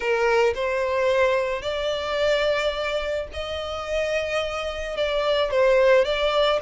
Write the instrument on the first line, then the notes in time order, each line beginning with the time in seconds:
violin
0.00 A#4
0.54 C5
1.62 D5
3.33 D#5
4.97 D5
5.50 C5
6.04 D5